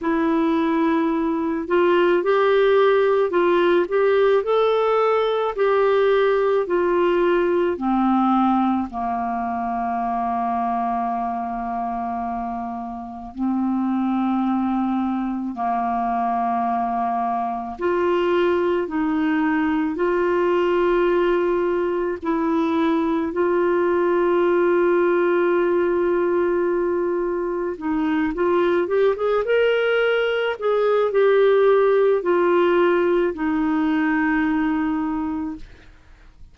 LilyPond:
\new Staff \with { instrumentName = "clarinet" } { \time 4/4 \tempo 4 = 54 e'4. f'8 g'4 f'8 g'8 | a'4 g'4 f'4 c'4 | ais1 | c'2 ais2 |
f'4 dis'4 f'2 | e'4 f'2.~ | f'4 dis'8 f'8 g'16 gis'16 ais'4 gis'8 | g'4 f'4 dis'2 | }